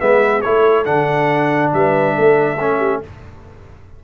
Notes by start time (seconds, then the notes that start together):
0.00 G#3 B3 B4 E5
0.41 A3 E4 A4 C#5
0.85 D3 D4 F#5
1.74 G3 B4 E5
2.15 A3 A4
2.60 C#4
2.78 G4